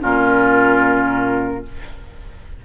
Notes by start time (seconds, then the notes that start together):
0.00 A#2 C#4 F4 A#4